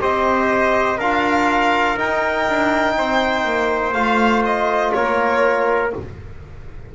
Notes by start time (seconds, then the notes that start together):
0.00 C4 G4 C5 D#5
0.98 D4 F4 A#4 F5
1.97 D#4 G5
2.48 D4
2.98 C4 C5
3.45 A#3
3.94 A3 F4 F5
4.45 D#5
4.94 A#3 A#4 C#5